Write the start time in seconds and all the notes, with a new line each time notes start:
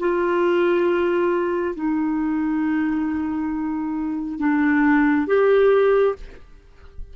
0.00 F4
1.75 D#4
4.39 D4
5.27 G4